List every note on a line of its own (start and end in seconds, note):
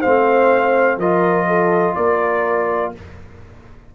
0.00 0.97 A3
0.00 1.01 C4
0.00 0.97 C5
0.00 0.98 F5
0.97 1.94 F3
0.97 2.95 F4
0.97 1.47 A#4
0.97 1.95 D#5
1.47 1.96 A4
1.95 2.94 A#3
1.95 2.93 A#4
1.95 2.92 D5